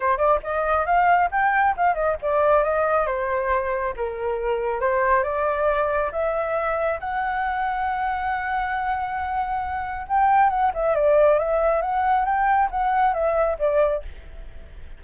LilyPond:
\new Staff \with { instrumentName = "flute" } { \time 4/4 \tempo 4 = 137 c''8 d''8 dis''4 f''4 g''4 | f''8 dis''8 d''4 dis''4 c''4~ | c''4 ais'2 c''4 | d''2 e''2 |
fis''1~ | fis''2. g''4 | fis''8 e''8 d''4 e''4 fis''4 | g''4 fis''4 e''4 d''4 | }